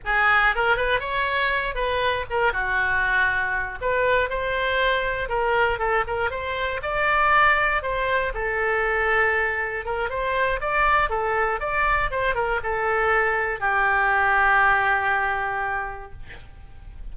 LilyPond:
\new Staff \with { instrumentName = "oboe" } { \time 4/4 \tempo 4 = 119 gis'4 ais'8 b'8 cis''4. b'8~ | b'8 ais'8 fis'2~ fis'8 b'8~ | b'8 c''2 ais'4 a'8 | ais'8 c''4 d''2 c''8~ |
c''8 a'2. ais'8 | c''4 d''4 a'4 d''4 | c''8 ais'8 a'2 g'4~ | g'1 | }